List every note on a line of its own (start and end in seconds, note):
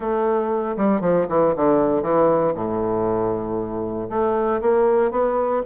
0.00 0.76 A3
0.76 1.00 G3
1.00 1.26 F3
1.28 1.54 E3
1.56 2.02 D3
2.02 2.53 E3
2.55 4.08 A2
4.09 4.61 A3
4.61 5.11 A#3
5.11 5.62 B3